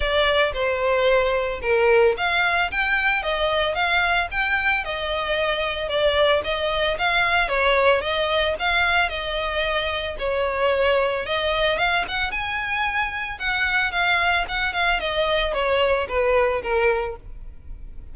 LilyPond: \new Staff \with { instrumentName = "violin" } { \time 4/4 \tempo 4 = 112 d''4 c''2 ais'4 | f''4 g''4 dis''4 f''4 | g''4 dis''2 d''4 | dis''4 f''4 cis''4 dis''4 |
f''4 dis''2 cis''4~ | cis''4 dis''4 f''8 fis''8 gis''4~ | gis''4 fis''4 f''4 fis''8 f''8 | dis''4 cis''4 b'4 ais'4 | }